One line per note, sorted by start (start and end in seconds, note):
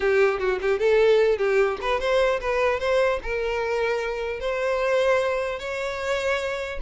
0.00 0.39 G4
0.39 0.59 F#4
0.61 0.79 G4
0.79 1.38 A4
1.38 1.78 G4
1.81 2.00 B4
2.00 2.40 C5
2.40 2.79 B4
2.79 3.19 C5
3.23 4.40 A#4
4.40 5.59 C5
5.59 6.79 C#5